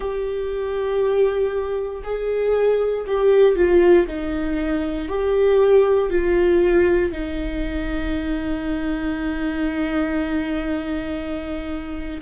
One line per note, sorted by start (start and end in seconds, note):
0.00 2.02 G4
2.03 3.05 G#4
3.06 3.56 G4
3.56 4.07 F4
4.07 5.08 D#4
5.08 6.10 G4
6.10 7.11 F4
7.11 12.20 D#4